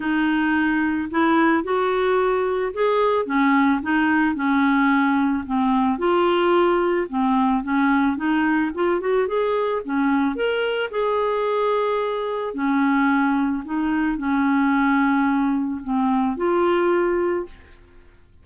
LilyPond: \new Staff \with { instrumentName = "clarinet" } { \time 4/4 \tempo 4 = 110 dis'2 e'4 fis'4~ | fis'4 gis'4 cis'4 dis'4 | cis'2 c'4 f'4~ | f'4 c'4 cis'4 dis'4 |
f'8 fis'8 gis'4 cis'4 ais'4 | gis'2. cis'4~ | cis'4 dis'4 cis'2~ | cis'4 c'4 f'2 | }